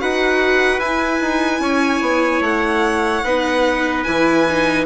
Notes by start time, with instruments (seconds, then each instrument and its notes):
0.00 bassoon D#4, viola F#4, trumpet B4, violin F#5
0.79 bassoon E4, viola E4, violin G#5
1.21 bassoon D#4
1.60 bassoon C#4, trumpet C#5
2.01 bassoon B3
2.41 bassoon A3, violin F#5
3.24 bassoon B3, viola D#4, trumpet B4
4.04 bassoon E3, viola E4, violin G#5
4.50 viola D#4